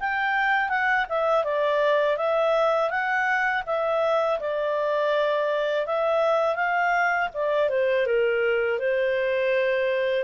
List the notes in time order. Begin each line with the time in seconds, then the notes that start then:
0.00 G5
0.70 F#5
1.09 E5
1.45 D5
2.18 E5
2.90 F#5
3.67 E5
4.40 D5
5.87 E5
6.56 F5
7.34 D5
7.70 C5
8.07 A#4
8.79 C5